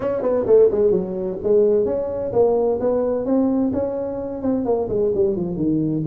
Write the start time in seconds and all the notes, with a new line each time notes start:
0.00 C#4
0.22 B3
0.46 A3
0.71 G#3
0.91 F#3
1.43 G#3
1.85 C#4
2.32 A#3
2.80 B3
3.25 C4
3.72 C#4
4.42 C4
4.65 A#3
4.88 G#3
5.14 G3
5.36 F3
5.56 D#3